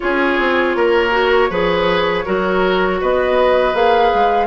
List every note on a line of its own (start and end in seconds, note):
0.00 0.39 C#4
0.00 1.11 F4
0.00 0.76 G#4
0.00 3.00 C#5
0.39 0.75 C4
0.75 1.50 A#3
0.75 1.50 A#4
1.11 1.48 F#4
1.50 2.25 F3
1.50 2.25 G#4
1.50 2.25 B4
2.25 3.02 F#3
2.25 3.73 F#4
2.25 3.00 A#4
3.00 3.74 B3
3.00 4.47 B4
3.00 3.75 D#5
3.73 4.11 A#3
3.73 4.47 G#4
3.73 4.47 F5
4.13 4.47 G#3